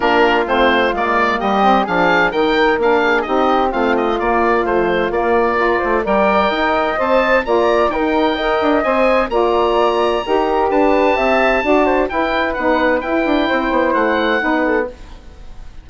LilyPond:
<<
  \new Staff \with { instrumentName = "oboe" } { \time 4/4 \tempo 4 = 129 ais'4 c''4 d''4 dis''4 | f''4 g''4 f''4 dis''4 | f''8 dis''8 d''4 c''4 d''4~ | d''4 g''2 a''4 |
ais''4 g''2 gis''4 | ais''2. a''4~ | a''2 g''4 fis''4 | g''2 fis''2 | }
  \new Staff \with { instrumentName = "flute" } { \time 4/4 f'2. g'4 | gis'4 ais'4. gis'8 g'4 | f'1 | ais'8 c''8 d''4 dis''2 |
d''4 ais'4 dis''2 | d''2 ais'4 b'4 | e''4 d''8 c''8 b'2~ | b'4 c''2 b'8 a'8 | }
  \new Staff \with { instrumentName = "saxophone" } { \time 4/4 d'4 c'4 ais4. c'8 | d'4 dis'4 d'4 dis'4 | c'4 ais4 f4 ais4 | f'4 ais'2 c''4 |
f'4 dis'4 ais'4 c''4 | f'2 g'2~ | g'4 fis'4 e'4 dis'4 | e'2. dis'4 | }
  \new Staff \with { instrumentName = "bassoon" } { \time 4/4 ais4 a4 gis4 g4 | f4 dis4 ais4 c'4 | a4 ais4 a4 ais4~ | ais8 a8 g4 dis'4 c'4 |
ais4 dis'4. d'8 c'4 | ais2 dis'4 d'4 | c'4 d'4 e'4 b4 | e'8 d'8 c'8 b8 a4 b4 | }
>>